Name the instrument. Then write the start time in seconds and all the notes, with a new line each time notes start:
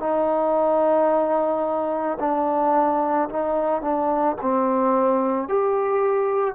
trombone
0.00 D#4
2.20 D4
3.29 D#4
3.82 D4
4.42 C4
5.48 G4